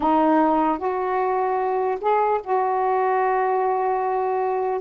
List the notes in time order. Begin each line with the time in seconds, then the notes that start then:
0.00 D#4
0.78 F#4
2.01 G#4
2.43 F#4